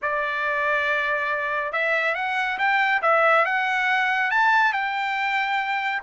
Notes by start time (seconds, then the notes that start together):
0.02 D5
1.72 E5
2.14 F#5
2.58 G5
3.01 E5
3.45 F#5
4.30 A5
4.73 G5